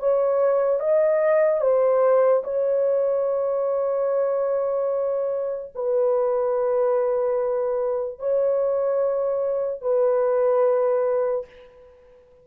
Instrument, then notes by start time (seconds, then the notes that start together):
horn
0.00 C#5
0.80 D#5
1.61 C5
2.44 C#5
5.76 B4
8.19 C#5
9.82 B4